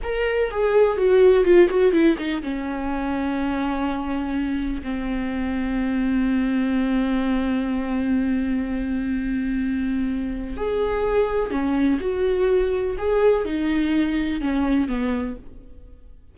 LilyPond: \new Staff \with { instrumentName = "viola" } { \time 4/4 \tempo 4 = 125 ais'4 gis'4 fis'4 f'8 fis'8 | e'8 dis'8 cis'2.~ | cis'2 c'2~ | c'1~ |
c'1~ | c'2 gis'2 | cis'4 fis'2 gis'4 | dis'2 cis'4 b4 | }